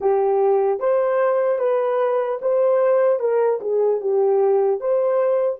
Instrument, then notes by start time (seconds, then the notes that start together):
horn
0.00 G4
0.79 C5
1.58 B4
2.41 C5
3.19 A#4
3.60 G#4
4.00 G4
4.80 C5